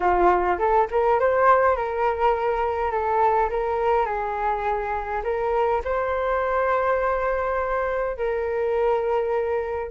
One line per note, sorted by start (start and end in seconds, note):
0.00 0.58 F4
0.58 0.87 A4
0.90 1.19 A#4
1.19 1.76 C5
1.76 2.91 A#4
2.91 3.49 A4
3.50 4.05 A#4
4.05 5.22 G#4
5.23 5.81 A#4
5.84 8.17 C5
8.17 9.91 A#4